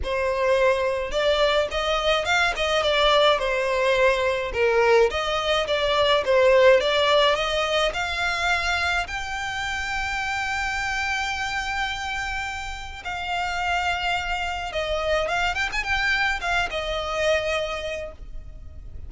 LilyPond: \new Staff \with { instrumentName = "violin" } { \time 4/4 \tempo 4 = 106 c''2 d''4 dis''4 | f''8 dis''8 d''4 c''2 | ais'4 dis''4 d''4 c''4 | d''4 dis''4 f''2 |
g''1~ | g''2. f''4~ | f''2 dis''4 f''8 g''16 gis''16 | g''4 f''8 dis''2~ dis''8 | }